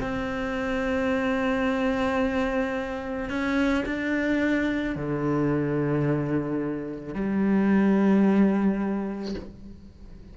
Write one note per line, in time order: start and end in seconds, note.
0.00 3.29 C4
3.29 3.84 C#4
3.86 4.96 D4
4.96 7.14 D3
7.14 9.35 G3